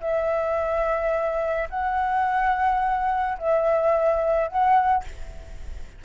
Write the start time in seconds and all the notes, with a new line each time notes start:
0.00 E5
1.69 F#5
3.38 E5
4.48 F#5